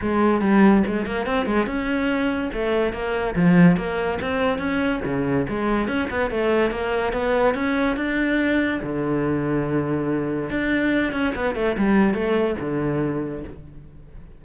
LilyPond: \new Staff \with { instrumentName = "cello" } { \time 4/4 \tempo 4 = 143 gis4 g4 gis8 ais8 c'8 gis8 | cis'2 a4 ais4 | f4 ais4 c'4 cis'4 | cis4 gis4 cis'8 b8 a4 |
ais4 b4 cis'4 d'4~ | d'4 d2.~ | d4 d'4. cis'8 b8 a8 | g4 a4 d2 | }